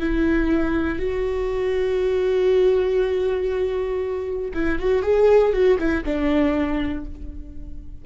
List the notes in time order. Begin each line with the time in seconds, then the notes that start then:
0.00 E4
0.99 F#4
4.54 E4
4.79 F#4
5.02 G#4
5.53 F#4
5.79 E4
6.05 D4